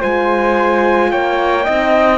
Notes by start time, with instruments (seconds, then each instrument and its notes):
0.00 cello G#3, horn F4, flute C5, trumpet G#5
1.11 cello A#3, flute C#5, trumpet G5
1.64 cello C4, horn D#4, flute D#5